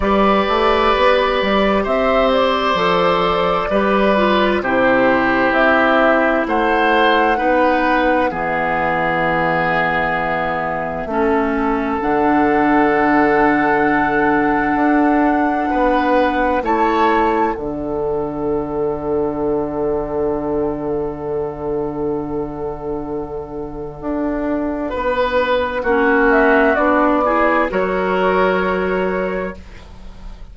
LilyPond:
<<
  \new Staff \with { instrumentName = "flute" } { \time 4/4 \tempo 4 = 65 d''2 e''8 d''4.~ | d''4 c''4 e''4 fis''4~ | fis''4 e''2.~ | e''4 fis''2.~ |
fis''2 a''4 fis''4~ | fis''1~ | fis''1~ | fis''8 e''8 d''4 cis''2 | }
  \new Staff \with { instrumentName = "oboe" } { \time 4/4 b'2 c''2 | b'4 g'2 c''4 | b'4 gis'2. | a'1~ |
a'4 b'4 cis''4 a'4~ | a'1~ | a'2. b'4 | fis'4. gis'8 ais'2 | }
  \new Staff \with { instrumentName = "clarinet" } { \time 4/4 g'2. a'4 | g'8 f'8 e'2. | dis'4 b2. | cis'4 d'2.~ |
d'2 e'4 d'4~ | d'1~ | d'1 | cis'4 d'8 e'8 fis'2 | }
  \new Staff \with { instrumentName = "bassoon" } { \time 4/4 g8 a8 b8 g8 c'4 f4 | g4 c4 c'4 a4 | b4 e2. | a4 d2. |
d'4 b4 a4 d4~ | d1~ | d2 d'4 b4 | ais4 b4 fis2 | }
>>